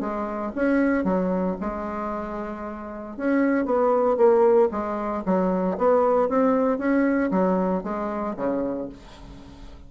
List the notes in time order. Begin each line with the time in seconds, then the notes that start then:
0.00 G#3
0.55 C#4
1.04 F#3
1.60 G#3
3.17 C#4
3.65 B3
4.17 A#3
4.71 G#3
5.25 F#3
5.78 B3
6.29 C4
6.78 C#4
7.31 F#3
7.83 G#3
8.37 C#3